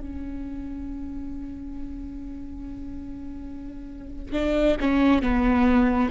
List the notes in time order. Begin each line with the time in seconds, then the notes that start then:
0.00 C#4
4.32 D4
4.80 C#4
5.21 B3